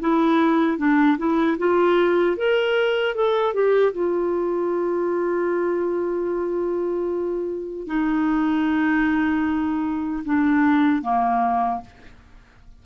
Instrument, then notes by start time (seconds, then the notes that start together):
clarinet
0.00 E4
0.78 D4
1.18 E4
1.58 F4
2.36 A#4
3.15 A4
3.53 G4
3.92 F4
7.87 D#4
10.25 D4
11.02 A#3